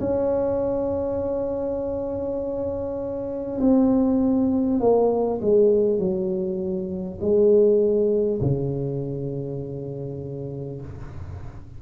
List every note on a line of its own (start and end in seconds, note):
0.00 3.60 C#4
3.61 4.80 C4
4.80 5.40 A#3
5.41 5.99 G#3
5.99 7.19 F#3
7.21 8.41 G#3
8.41 10.81 C#3